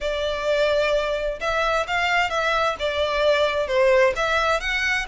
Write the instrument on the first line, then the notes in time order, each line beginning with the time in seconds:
violin
0.01 D5
1.40 E5
1.87 F5
2.30 E5
2.79 D5
3.67 C5
4.16 E5
4.60 F#5